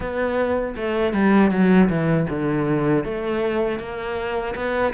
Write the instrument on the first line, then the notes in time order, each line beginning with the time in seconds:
cello
0.00 B3
0.76 A3
1.13 G3
1.51 F#3
1.88 E3
2.29 D3
3.04 A3
3.79 A#3
4.55 B3